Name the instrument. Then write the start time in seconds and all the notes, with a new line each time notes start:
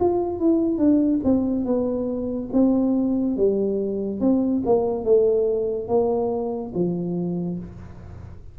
tuba
0.00 F4
0.40 E4
0.78 D4
1.24 C4
1.65 B3
2.53 C4
3.37 G3
4.21 C4
4.66 A#3
5.04 A3
5.88 A#3
6.75 F3